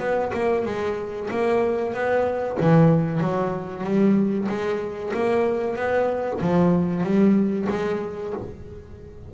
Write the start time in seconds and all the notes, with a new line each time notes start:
0.00 B3
0.34 A#3
0.66 G#3
1.31 A#3
1.94 B3
2.60 E3
3.20 F#3
3.84 G3
4.49 G#3
5.14 A#3
5.76 B3
6.41 F3
7.04 G3
7.70 G#3